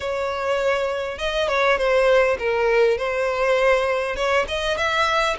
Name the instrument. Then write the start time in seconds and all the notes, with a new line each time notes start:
violin
0.00 C#5
1.18 D#5
1.48 C#5
1.77 C5
2.38 A#4
2.97 C5
4.16 C#5
4.47 D#5
4.77 E5